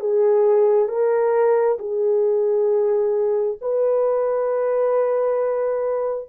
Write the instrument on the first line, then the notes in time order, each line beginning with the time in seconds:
horn
0.00 G#4
0.88 A#4
1.79 G#4
3.61 B4